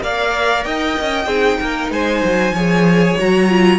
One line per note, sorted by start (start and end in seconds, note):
0.00 0.65 A#3
0.00 1.26 A#4
0.00 0.66 D5
0.00 0.64 F5
0.64 0.97 D#4
0.64 1.28 D#5
0.64 1.90 G5
1.01 1.26 C#4
1.26 1.58 C4
1.26 2.56 D#4
1.26 1.59 G#4
1.61 1.91 A#3
1.61 1.92 A#4
1.91 2.22 G#3
1.91 2.54 C5
1.91 3.19 G#5
2.24 2.52 F#3
2.52 3.15 F3
2.52 3.19 G#4
2.52 3.80 C#5
3.19 3.80 F#3
3.19 3.49 F#4
3.19 3.80 A#5
3.49 3.80 F4